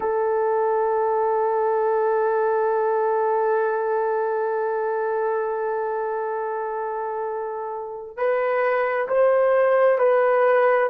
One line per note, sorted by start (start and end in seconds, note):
0.00 8.17 A4
8.17 9.07 B4
9.08 9.98 C5
9.98 10.89 B4